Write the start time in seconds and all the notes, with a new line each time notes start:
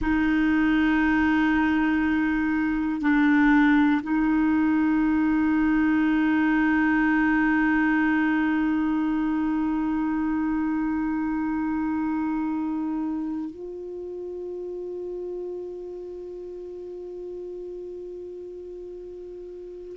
0.00 D#4
3.01 D4
4.02 D#4
13.50 F4